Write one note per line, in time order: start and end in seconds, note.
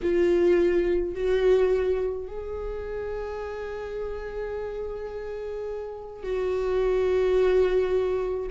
0.02 1.14 F4
1.14 2.27 F#4
2.27 6.23 G#4
6.23 8.49 F#4